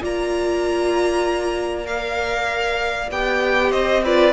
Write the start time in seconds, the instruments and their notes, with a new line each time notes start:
0.00 cello A#3, viola F4, violin D5 A#5
1.85 viola A#4, violin F5
3.10 cello B3, viola G4, violin G5
3.70 cello C4, violin C5 D#5
4.04 viola F4, violin B4 D5